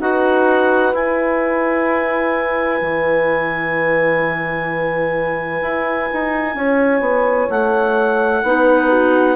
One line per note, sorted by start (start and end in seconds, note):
0.00 0.94 D#4
0.00 0.94 F#4
0.00 6.56 B4
0.00 0.94 F#5
0.94 2.81 E4
0.94 8.44 E4
0.94 7.51 G#5
2.82 5.62 E3
5.62 6.09 E4
6.13 6.55 D#4
6.55 7.00 C#4
6.55 8.43 C#5
7.00 7.47 B3
7.50 8.43 A3
7.50 9.36 F#5
8.43 9.36 B3
8.43 9.36 D#4
8.43 8.89 B4
8.89 9.36 F#4